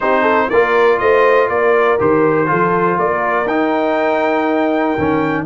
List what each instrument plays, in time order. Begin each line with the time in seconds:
0.00 tuba C4, trombone D#4, horn G4, trumpet C5
0.21 horn A4
0.49 tuba A#3, trombone F4, horn A#4, trumpet D5
0.98 tuba A3, horn C5, trumpet D#5
1.48 tuba A#3, horn A#4, trumpet D5
1.99 tuba D#3, trombone G4, trumpet C5
2.46 tuba F3, trombone F4, horn A4
2.97 tuba A#3, horn A#4, trumpet D5
3.46 tuba D#4, trombone D#4, trumpet G5
4.97 tuba D#3, trombone C#4